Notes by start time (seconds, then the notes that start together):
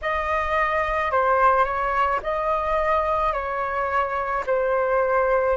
0.01 D#5
1.11 C5
1.64 C#5
2.22 D#5
3.32 C#5
4.46 C5